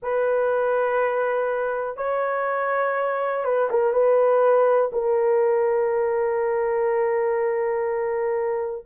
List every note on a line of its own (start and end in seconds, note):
0.02 1.97 B4
1.97 3.44 C#5
3.44 3.69 B4
3.70 3.92 A#4
3.92 4.90 B4
4.92 8.85 A#4